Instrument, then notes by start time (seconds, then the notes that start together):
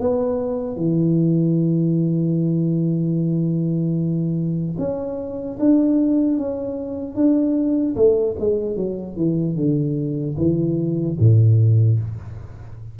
tuba
0.00 B3
0.76 E3
4.79 C#4
5.60 D4
6.38 C#4
7.16 D4
7.96 A3
8.40 G#3
8.76 F#3
9.17 E3
9.56 D3
10.38 E3
11.20 A2